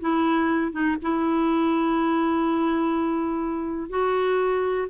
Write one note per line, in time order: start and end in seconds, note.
0.00 0.72 E4
0.72 0.96 D#4
1.02 3.89 E4
3.89 4.88 F#4